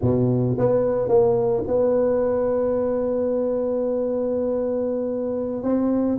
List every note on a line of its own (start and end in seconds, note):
0.01 0.56 B2
0.58 1.08 B3
1.08 1.63 A#3
1.67 5.62 B3
5.62 6.18 C4